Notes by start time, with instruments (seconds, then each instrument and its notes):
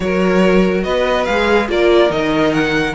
0.00 cello F#3, viola F#4, violin A#4 C#5
0.83 cello B3, violin B4 D#5
1.25 cello G#3, viola G#4, violin F5
1.68 cello A#3, viola F4, violin A#4 D5
2.09 cello D#3, viola D#4, violin D#5
2.53 violin F#5